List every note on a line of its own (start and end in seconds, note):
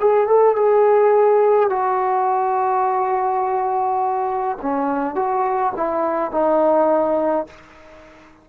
0.00 0.27 G#4
0.27 0.56 A4
0.56 1.69 G#4
1.69 4.58 F#4
4.62 5.15 C#4
5.15 5.73 F#4
5.76 6.31 E4
6.31 7.46 D#4